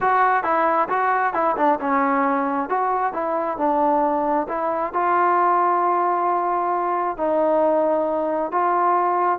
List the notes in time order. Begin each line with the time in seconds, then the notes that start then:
0.00 F#4
0.43 E4
0.88 F#4
1.33 E4
1.56 D4
1.80 C#4
2.69 F#4
3.13 E4
3.57 D4
4.48 E4
4.93 F4
7.17 D#4
8.51 F4